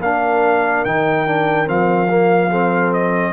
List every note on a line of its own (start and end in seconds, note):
0.00 0.83 A#3
0.00 0.87 D4
0.00 2.50 A#4
0.00 0.85 F5
0.85 1.69 D#3
0.85 1.27 D#4
0.85 1.68 G5
1.27 1.66 D4
1.66 3.33 F3
1.66 2.08 C4
1.66 2.94 F5
2.09 2.51 A#3
2.50 3.33 C4
2.50 3.33 A4
2.94 3.33 D#5